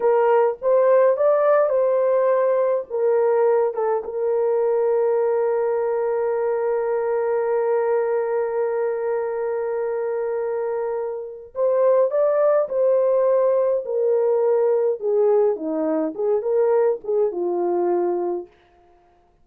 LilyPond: \new Staff \with { instrumentName = "horn" } { \time 4/4 \tempo 4 = 104 ais'4 c''4 d''4 c''4~ | c''4 ais'4. a'8 ais'4~ | ais'1~ | ais'1~ |
ais'1 | c''4 d''4 c''2 | ais'2 gis'4 dis'4 | gis'8 ais'4 gis'8 f'2 | }